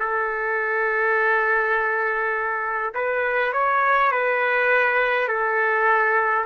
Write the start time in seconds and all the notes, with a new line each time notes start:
0.00 A4
2.95 B4
3.53 C#5
4.12 B4
5.28 A4